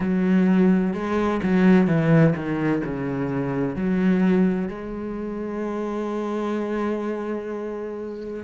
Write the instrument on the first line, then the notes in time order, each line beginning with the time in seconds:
cello
0.00 F#3
0.93 G#3
1.43 F#3
1.87 E3
2.35 D#3
2.84 C#3
3.75 F#3
4.68 G#3